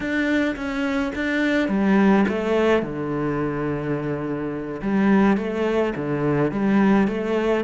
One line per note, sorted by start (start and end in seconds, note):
0.00 0.55 D4
0.56 1.12 C#4
1.15 1.68 D4
1.68 2.25 G3
2.28 2.82 A3
2.82 4.80 D3
4.82 5.37 G3
5.37 5.93 A3
5.96 6.51 D3
6.51 7.07 G3
7.07 7.64 A3